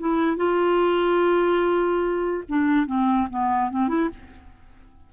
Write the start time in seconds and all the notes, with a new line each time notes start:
0.00 E4
0.37 F4
2.49 D4
2.87 C4
3.30 B3
3.71 C4
3.89 E4